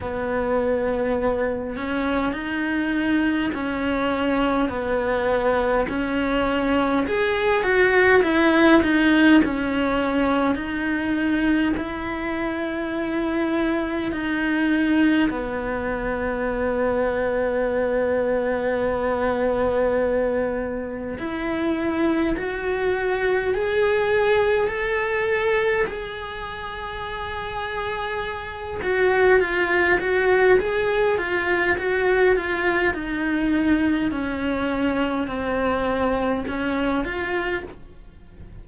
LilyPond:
\new Staff \with { instrumentName = "cello" } { \time 4/4 \tempo 4 = 51 b4. cis'8 dis'4 cis'4 | b4 cis'4 gis'8 fis'8 e'8 dis'8 | cis'4 dis'4 e'2 | dis'4 b2.~ |
b2 e'4 fis'4 | gis'4 a'4 gis'2~ | gis'8 fis'8 f'8 fis'8 gis'8 f'8 fis'8 f'8 | dis'4 cis'4 c'4 cis'8 f'8 | }